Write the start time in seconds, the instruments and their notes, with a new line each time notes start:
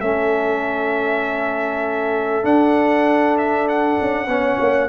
0.00 tuba A3, trombone C#4, horn A4, trumpet E5
2.43 trombone D4, tuba D4, trumpet F#5
3.37 trumpet E5
3.68 trumpet F#5
4.01 tuba C#4
4.27 tuba B3, trombone C#4, horn C#5
4.60 tuba A#3